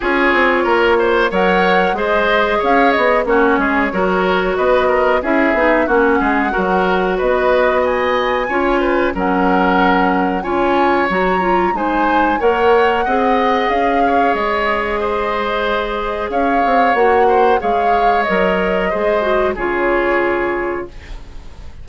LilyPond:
<<
  \new Staff \with { instrumentName = "flute" } { \time 4/4 \tempo 4 = 92 cis''2 fis''4 dis''4 | f''8 dis''8 cis''2 dis''4 | e''4 fis''2 dis''4 | gis''2 fis''2 |
gis''4 ais''4 gis''4 fis''4~ | fis''4 f''4 dis''2~ | dis''4 f''4 fis''4 f''4 | dis''2 cis''2 | }
  \new Staff \with { instrumentName = "oboe" } { \time 4/4 gis'4 ais'8 c''8 cis''4 c''4 | cis''4 fis'8 gis'8 ais'4 b'8 ais'8 | gis'4 fis'8 gis'8 ais'4 b'4 | dis''4 cis''8 b'8 ais'2 |
cis''2 c''4 cis''4 | dis''4. cis''4. c''4~ | c''4 cis''4. c''8 cis''4~ | cis''4 c''4 gis'2 | }
  \new Staff \with { instrumentName = "clarinet" } { \time 4/4 f'2 ais'4 gis'4~ | gis'4 cis'4 fis'2 | e'8 dis'8 cis'4 fis'2~ | fis'4 f'4 cis'2 |
f'4 fis'8 f'8 dis'4 ais'4 | gis'1~ | gis'2 fis'4 gis'4 | ais'4 gis'8 fis'8 f'2 | }
  \new Staff \with { instrumentName = "bassoon" } { \time 4/4 cis'8 c'8 ais4 fis4 gis4 | cis'8 b8 ais8 gis8 fis4 b4 | cis'8 b8 ais8 gis8 fis4 b4~ | b4 cis'4 fis2 |
cis'4 fis4 gis4 ais4 | c'4 cis'4 gis2~ | gis4 cis'8 c'8 ais4 gis4 | fis4 gis4 cis2 | }
>>